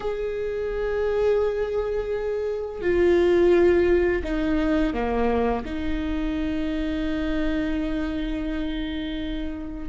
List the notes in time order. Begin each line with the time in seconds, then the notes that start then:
0.00 G#4
2.81 F4
4.23 D#4
4.93 A#3
5.65 D#4